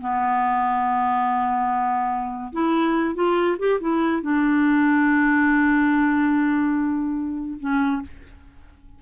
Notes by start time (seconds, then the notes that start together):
0.00 B3
2.52 E4
3.14 F4
3.59 G4
3.80 E4
4.22 D4
7.60 C#4